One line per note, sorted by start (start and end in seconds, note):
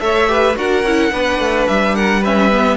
0.00 0.56 A3
0.00 0.27 A4
0.00 0.30 C#5
0.00 0.56 E5
0.27 0.55 G4
0.27 0.57 B4
0.55 0.83 D4
0.55 0.83 F#4
0.55 1.12 A#4
0.55 1.67 F#5
0.83 1.11 C#4
0.83 1.11 E4
1.11 1.39 B3
1.11 2.22 D4
1.11 1.94 B4
1.39 1.66 A3
1.67 2.77 G3
1.67 1.95 E5
1.94 2.20 A#4
1.94 2.23 F#5
2.20 2.51 C#4
2.20 2.76 B4
2.20 2.77 E5
2.51 2.77 B3